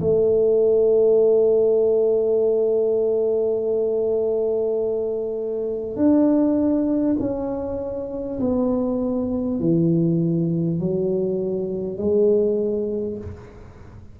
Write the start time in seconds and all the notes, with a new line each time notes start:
0.00 A3
5.96 D4
7.19 C#4
8.39 B3
9.60 E3
10.79 F#3
11.98 G#3